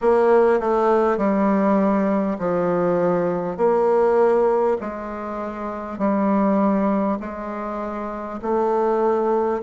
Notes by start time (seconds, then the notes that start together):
0.01 A#3
0.59 A3
1.17 G3
2.38 F3
3.57 A#3
4.80 G#3
5.98 G3
7.19 G#3
8.42 A3